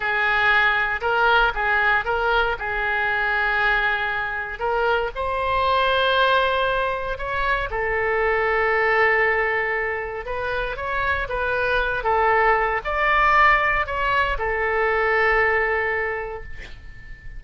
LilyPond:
\new Staff \with { instrumentName = "oboe" } { \time 4/4 \tempo 4 = 117 gis'2 ais'4 gis'4 | ais'4 gis'2.~ | gis'4 ais'4 c''2~ | c''2 cis''4 a'4~ |
a'1 | b'4 cis''4 b'4. a'8~ | a'4 d''2 cis''4 | a'1 | }